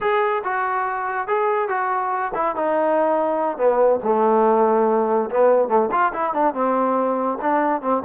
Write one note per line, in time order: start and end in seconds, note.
0.00 0.42 G#4
0.44 1.27 F#4
1.27 1.68 G#4
1.68 2.31 F#4
2.34 2.55 E4
2.55 3.57 D#4
3.57 3.99 B3
4.03 5.29 A3
5.30 5.68 B3
5.68 5.89 A3
5.91 6.12 F4
6.13 6.33 E4
6.33 6.54 D4
6.54 7.38 C4
7.41 7.81 D4
7.81 8.02 C4